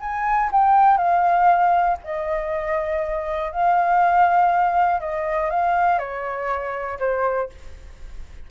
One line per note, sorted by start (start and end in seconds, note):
0.00 0.50 G#5
0.52 0.97 G5
0.97 1.97 F5
2.04 3.51 D#5
3.51 5.00 F5
5.00 5.50 D#5
5.50 5.98 F5
5.98 6.98 C#5
6.99 7.49 C5